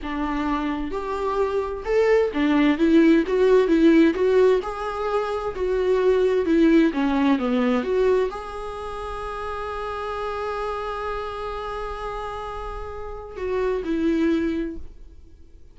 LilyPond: \new Staff \with { instrumentName = "viola" } { \time 4/4 \tempo 4 = 130 d'2 g'2 | a'4 d'4 e'4 fis'4 | e'4 fis'4 gis'2 | fis'2 e'4 cis'4 |
b4 fis'4 gis'2~ | gis'1~ | gis'1~ | gis'4 fis'4 e'2 | }